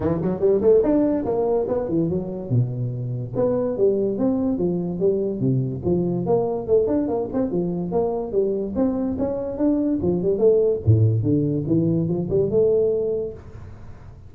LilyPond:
\new Staff \with { instrumentName = "tuba" } { \time 4/4 \tempo 4 = 144 e8 fis8 g8 a8 d'4 ais4 | b8 e8 fis4 b,2 | b4 g4 c'4 f4 | g4 c4 f4 ais4 |
a8 d'8 ais8 c'8 f4 ais4 | g4 c'4 cis'4 d'4 | f8 g8 a4 a,4 d4 | e4 f8 g8 a2 | }